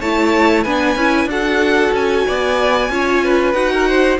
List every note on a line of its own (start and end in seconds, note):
0.00 0.65 A3
0.00 0.66 E4
0.00 0.63 C#5
0.00 0.64 A5
0.63 0.95 B3
0.63 0.98 D4
0.63 1.28 B4
0.63 1.28 G#5
0.95 1.25 C#4
0.95 1.30 E4
1.25 1.90 D4
1.25 2.91 F#4
1.25 2.26 A4
1.25 1.95 F#5
1.92 2.24 C#4
1.92 3.53 G#5
2.26 2.90 B3
2.26 2.91 D5
2.90 3.54 C#4
2.90 3.54 F4
2.90 3.24 C#5
3.24 3.73 B4
3.53 4.18 D#4
3.53 4.19 F#4
3.53 4.18 F#5
3.73 3.88 A#4
3.88 4.19 C5